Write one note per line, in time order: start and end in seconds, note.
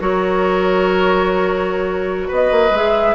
0.00 2.29 F#3
0.00 2.72 F#4
0.00 2.28 A#4
0.00 2.30 C#5
2.28 2.52 B3
2.28 3.15 B4
2.34 2.77 D#5
2.52 2.71 A#3
2.71 3.14 G#3
2.71 3.15 G#4
2.71 3.15 E5